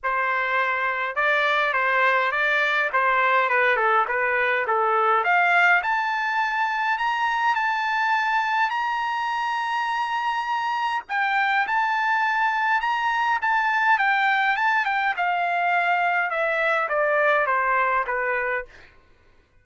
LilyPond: \new Staff \with { instrumentName = "trumpet" } { \time 4/4 \tempo 4 = 103 c''2 d''4 c''4 | d''4 c''4 b'8 a'8 b'4 | a'4 f''4 a''2 | ais''4 a''2 ais''4~ |
ais''2. g''4 | a''2 ais''4 a''4 | g''4 a''8 g''8 f''2 | e''4 d''4 c''4 b'4 | }